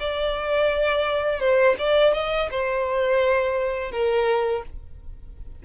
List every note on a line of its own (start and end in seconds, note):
0.00 1.40 D5
1.40 1.76 C5
1.79 2.14 D5
2.14 2.49 D#5
2.51 3.92 C5
3.92 4.63 A#4